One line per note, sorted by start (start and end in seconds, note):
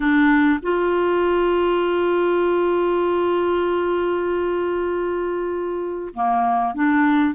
0.00 0.59 D4
0.62 6.13 F4
6.14 6.74 A#3
6.74 7.34 D4